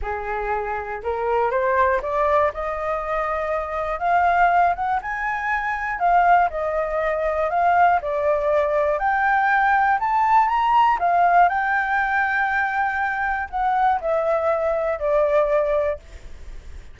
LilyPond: \new Staff \with { instrumentName = "flute" } { \time 4/4 \tempo 4 = 120 gis'2 ais'4 c''4 | d''4 dis''2. | f''4. fis''8 gis''2 | f''4 dis''2 f''4 |
d''2 g''2 | a''4 ais''4 f''4 g''4~ | g''2. fis''4 | e''2 d''2 | }